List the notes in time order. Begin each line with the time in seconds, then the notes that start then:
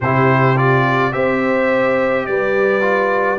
0.00 C3 E4 G4 C5
0.56 F4 D5
1.12 C4 G4 C5 E5
2.25 G3 B4 D5
2.81 F4